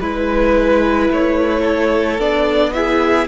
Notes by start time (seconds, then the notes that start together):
0.00 G#3 E4 B4
1.11 A3 C#5
1.61 A4
2.18 B3 D4 D5
2.73 E4 G#4 E5